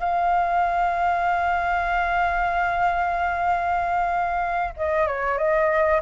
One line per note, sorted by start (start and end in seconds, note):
0.00 4.74 F5
4.76 5.07 D#5
5.07 5.37 C#5
5.37 6.01 D#5